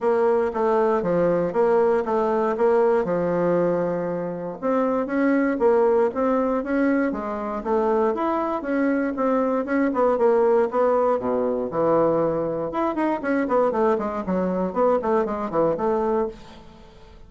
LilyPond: \new Staff \with { instrumentName = "bassoon" } { \time 4/4 \tempo 4 = 118 ais4 a4 f4 ais4 | a4 ais4 f2~ | f4 c'4 cis'4 ais4 | c'4 cis'4 gis4 a4 |
e'4 cis'4 c'4 cis'8 b8 | ais4 b4 b,4 e4~ | e4 e'8 dis'8 cis'8 b8 a8 gis8 | fis4 b8 a8 gis8 e8 a4 | }